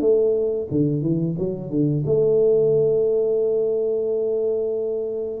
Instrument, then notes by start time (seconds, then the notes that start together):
tuba
0.00 A3
0.70 D3
1.01 E3
1.38 F#3
1.69 D3
2.05 A3